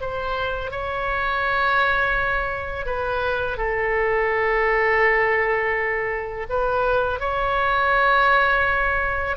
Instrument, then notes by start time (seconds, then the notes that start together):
oboe
0.00 C5
0.71 C#5
2.85 B4
3.57 A4
6.49 B4
7.20 C#5